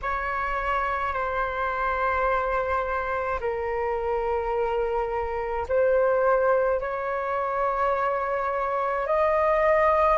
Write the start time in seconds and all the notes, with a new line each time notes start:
0.02 C#5
1.13 C5
3.40 A#4
5.68 C5
6.80 C#5
9.06 D#5